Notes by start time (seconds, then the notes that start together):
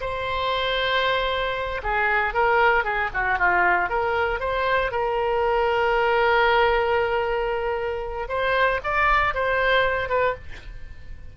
0.00 C5
1.83 G#4
2.33 A#4
2.84 G#4
3.13 F#4
3.38 F4
3.89 A#4
4.39 C5
4.91 A#4
8.28 C5
8.83 D5
9.34 C5
10.08 B4